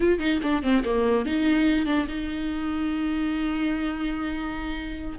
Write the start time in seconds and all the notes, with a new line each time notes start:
0.00 F4
0.19 D#4
0.43 D4
0.62 C4
0.84 A#3
1.25 D#4
1.85 D4
2.08 D#4